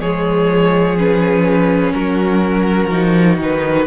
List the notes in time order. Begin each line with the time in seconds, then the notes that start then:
0.00 F3 G#3 G#4 C#5
0.97 C#4 B4
1.92 F#3 F#4 A#4
2.91 F3 D#4
3.38 D#3 B4